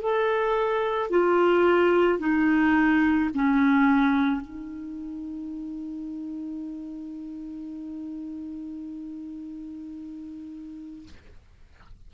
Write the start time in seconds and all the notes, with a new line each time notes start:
0.00 A4
1.10 F4
2.19 D#4
3.34 C#4
4.41 D#4